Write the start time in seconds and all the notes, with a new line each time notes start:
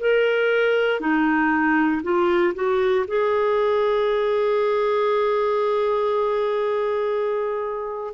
0.00 A#4
1.00 D#4
2.03 F4
2.55 F#4
3.07 G#4